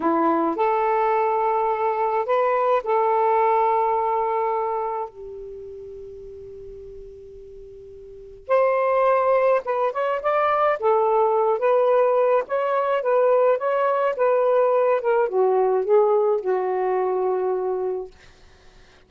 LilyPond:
\new Staff \with { instrumentName = "saxophone" } { \time 4/4 \tempo 4 = 106 e'4 a'2. | b'4 a'2.~ | a'4 g'2.~ | g'2. c''4~ |
c''4 b'8 cis''8 d''4 a'4~ | a'8 b'4. cis''4 b'4 | cis''4 b'4. ais'8 fis'4 | gis'4 fis'2. | }